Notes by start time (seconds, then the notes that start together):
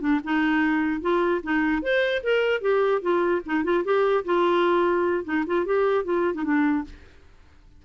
0.00 D4
0.24 D#4
1.01 F4
1.43 D#4
1.82 C5
2.23 A#4
2.61 G4
3.01 F4
3.45 D#4
3.64 F4
3.84 G4
4.24 F4
5.24 D#4
5.46 F4
5.65 G4
6.04 F4
6.34 D#4
6.44 D4